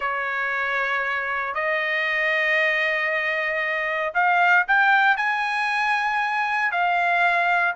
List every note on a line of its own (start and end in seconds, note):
0.00 1.54 C#5
1.54 4.13 D#5
4.14 4.66 F5
4.67 5.17 G5
5.17 6.71 G#5
6.71 7.74 F5